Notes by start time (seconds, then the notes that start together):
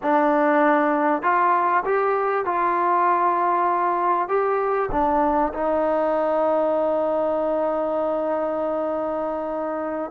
0.02 D4
1.22 F4
1.85 G4
2.45 F4
4.28 G4
4.91 D4
5.53 D#4